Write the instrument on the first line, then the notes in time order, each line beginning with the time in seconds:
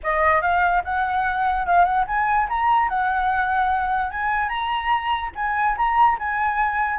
flute
0.03 D#5
0.41 F5
0.84 F#5
1.66 F5
1.84 F#5
2.07 G#5
2.49 A#5
2.88 F#5
4.11 G#5
4.48 A#5
5.35 G#5
5.77 A#5
6.18 G#5